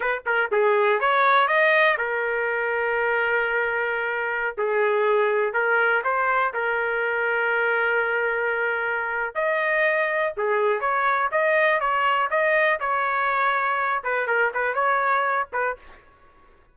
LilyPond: \new Staff \with { instrumentName = "trumpet" } { \time 4/4 \tempo 4 = 122 b'8 ais'8 gis'4 cis''4 dis''4 | ais'1~ | ais'4~ ais'16 gis'2 ais'8.~ | ais'16 c''4 ais'2~ ais'8.~ |
ais'2. dis''4~ | dis''4 gis'4 cis''4 dis''4 | cis''4 dis''4 cis''2~ | cis''8 b'8 ais'8 b'8 cis''4. b'8 | }